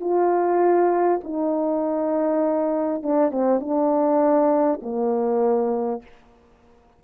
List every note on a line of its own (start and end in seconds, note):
0.00 1.20 F4
1.23 3.03 D#4
3.03 3.31 D4
3.31 3.59 C4
3.59 4.79 D4
4.82 6.02 A#3